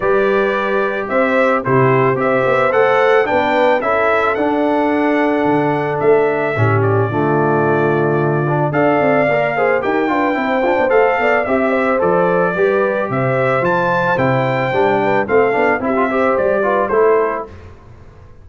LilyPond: <<
  \new Staff \with { instrumentName = "trumpet" } { \time 4/4 \tempo 4 = 110 d''2 e''4 c''4 | e''4 fis''4 g''4 e''4 | fis''2. e''4~ | e''8 d''2.~ d''8 |
f''2 g''2 | f''4 e''4 d''2 | e''4 a''4 g''2 | f''4 e''4 d''4 c''4 | }
  \new Staff \with { instrumentName = "horn" } { \time 4/4 b'2 c''4 g'4 | c''2 b'4 a'4~ | a'1 | g'4 f'2. |
d''4. c''8 ais'8 b'8 c''4~ | c''8 d''8 e''8 c''4. b'4 | c''2.~ c''8 b'8 | a'4 g'8 c''4 b'8 a'4 | }
  \new Staff \with { instrumentName = "trombone" } { \time 4/4 g'2. e'4 | g'4 a'4 d'4 e'4 | d'1 | cis'4 a2~ a8 d'8 |
a'4 ais'8 gis'8 g'8 f'8 e'8 d'8 | a'4 g'4 a'4 g'4~ | g'4 f'4 e'4 d'4 | c'8 d'8 e'16 f'16 g'4 f'8 e'4 | }
  \new Staff \with { instrumentName = "tuba" } { \time 4/4 g2 c'4 c4 | c'8 b8 a4 b4 cis'4 | d'2 d4 a4 | a,4 d2. |
d'8 c'8 ais4 dis'8 d'8 c'8 f'16 b16 | a8 b8 c'4 f4 g4 | c4 f4 c4 g4 | a8 b8 c'4 g4 a4 | }
>>